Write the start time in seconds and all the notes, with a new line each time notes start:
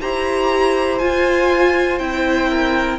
0.00 E4 G4 C5 A#5
0.98 F4 G#5
1.98 C4 E4 G5
2.49 A#4